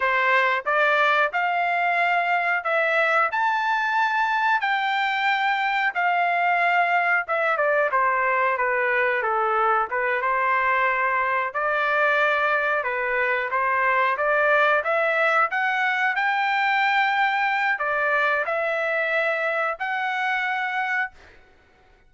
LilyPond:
\new Staff \with { instrumentName = "trumpet" } { \time 4/4 \tempo 4 = 91 c''4 d''4 f''2 | e''4 a''2 g''4~ | g''4 f''2 e''8 d''8 | c''4 b'4 a'4 b'8 c''8~ |
c''4. d''2 b'8~ | b'8 c''4 d''4 e''4 fis''8~ | fis''8 g''2~ g''8 d''4 | e''2 fis''2 | }